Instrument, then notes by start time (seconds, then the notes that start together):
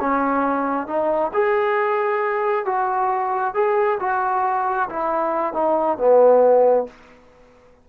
trombone
0.00 C#4
0.87 D#4
1.33 G#4
2.65 F#4
3.54 G#4
4.00 F#4
4.89 E4
5.53 D#4
5.98 B3